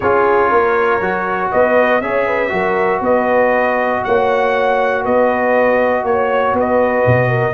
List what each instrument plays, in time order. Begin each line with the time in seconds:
0.00 tuba C#4, trombone F4, horn G#4, trumpet C#5
0.49 tuba A#3, horn A#4
1.00 tuba F#3, trombone F#4
1.51 tuba B3, horn B4, trumpet D#5
2.01 tuba C#4, trombone G#4, horn C#5, trumpet E5
2.26 horn B4
2.49 tuba F#3, trombone F#4, horn A#4
3.00 tuba B3, horn B4, trumpet D#5
4.04 tuba A#3, horn C#5, trumpet F#5
5.03 tuba B3, horn B4, trumpet D#5
6.04 tuba A#3, trumpet C#5, horn C#5
6.53 tuba B3, horn B4
6.59 trumpet D#5
7.06 tuba B2
7.29 horn A#4